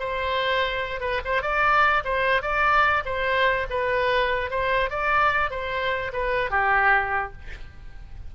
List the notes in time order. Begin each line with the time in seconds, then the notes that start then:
0.00 C5
1.00 B4
1.25 C5
1.42 D5
2.04 C5
2.42 D5
3.06 C5
3.70 B4
4.51 C5
4.90 D5
5.50 C5
6.13 B4
6.51 G4